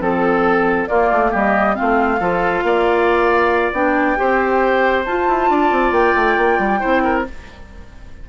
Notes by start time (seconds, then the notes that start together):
0.00 F3 C4 A4
0.87 A#3 F4 D5
1.12 A3
1.31 G3 G4 D#5
1.74 C4 F4 F5
1.81 A3
2.19 F3 F4 A4
2.63 A#3 D5
3.72 B3 D4 G5
4.16 C4 G4 C5
5.05 F4 A5
5.28 E4
5.49 D4 D5
5.71 C4
5.91 A#3 G5
6.15 A3
6.37 A#3
6.58 G3
6.80 C4 E4 C5
7.04 A#4